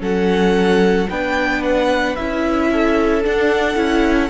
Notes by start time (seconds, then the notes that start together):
0.00 F#3 C#4 A4 F#5
1.09 B3 D4 B4 G5
1.63 F#5
2.15 C#4 E4 E5
2.71 A4
3.24 D4 F#5
3.75 C#4 E4